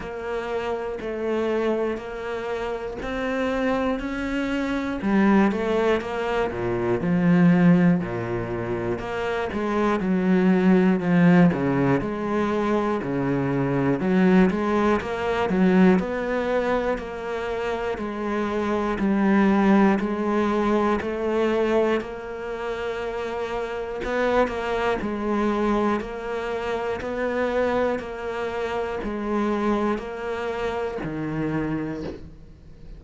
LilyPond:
\new Staff \with { instrumentName = "cello" } { \time 4/4 \tempo 4 = 60 ais4 a4 ais4 c'4 | cis'4 g8 a8 ais8 ais,8 f4 | ais,4 ais8 gis8 fis4 f8 cis8 | gis4 cis4 fis8 gis8 ais8 fis8 |
b4 ais4 gis4 g4 | gis4 a4 ais2 | b8 ais8 gis4 ais4 b4 | ais4 gis4 ais4 dis4 | }